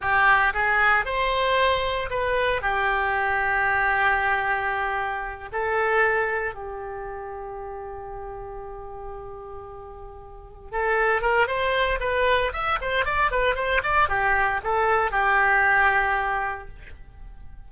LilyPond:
\new Staff \with { instrumentName = "oboe" } { \time 4/4 \tempo 4 = 115 g'4 gis'4 c''2 | b'4 g'2.~ | g'2~ g'8 a'4.~ | a'8 g'2.~ g'8~ |
g'1~ | g'8 a'4 ais'8 c''4 b'4 | e''8 c''8 d''8 b'8 c''8 d''8 g'4 | a'4 g'2. | }